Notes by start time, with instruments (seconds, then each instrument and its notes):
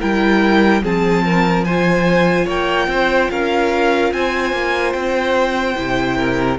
0.00 cello G3, viola E4, violin A#4 G5
0.83 cello F3, viola C4, violin G#4 A5
1.25 violin A#4
1.65 viola F4, violin C5 G#5
2.46 cello A#3, violin C#5 G5
2.88 cello C4, violin C5
3.31 cello C#4, violin A#4 F5
4.13 cello C4, violin C5 G#5
4.53 cello A#3
4.93 cello C4, violin G5
5.76 cello C3, viola E4
6.17 violin A#4